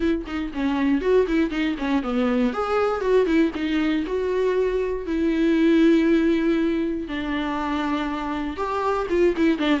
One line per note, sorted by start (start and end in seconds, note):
0.00 0.24 E4
0.26 0.51 D#4
0.53 1.01 C#4
1.01 1.26 F#4
1.27 1.50 E4
1.50 1.75 D#4
1.78 2.02 C#4
2.02 2.53 B3
2.53 3.00 G#4
3.00 3.26 F#4
3.26 3.51 E4
3.55 4.05 D#4
4.06 5.06 F#4
5.06 7.08 E4
7.08 8.56 D4
8.56 9.07 G4
9.09 9.34 F4
9.36 9.58 E4
9.58 9.80 D4